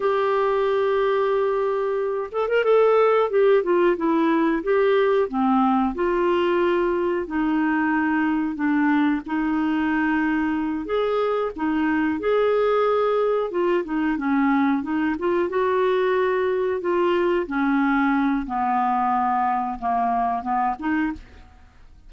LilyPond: \new Staff \with { instrumentName = "clarinet" } { \time 4/4 \tempo 4 = 91 g'2.~ g'8 a'16 ais'16 | a'4 g'8 f'8 e'4 g'4 | c'4 f'2 dis'4~ | dis'4 d'4 dis'2~ |
dis'8 gis'4 dis'4 gis'4.~ | gis'8 f'8 dis'8 cis'4 dis'8 f'8 fis'8~ | fis'4. f'4 cis'4. | b2 ais4 b8 dis'8 | }